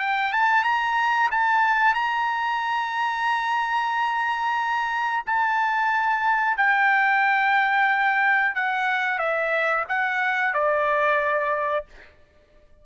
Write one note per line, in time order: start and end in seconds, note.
0.00 0.33 G5
0.33 0.64 A5
0.64 1.30 A#5
1.31 1.95 A5
1.95 5.24 A#5
5.27 6.58 A5
6.58 8.55 G5
8.55 9.19 F#5
9.19 9.85 E5
9.89 10.54 F#5
10.54 11.86 D5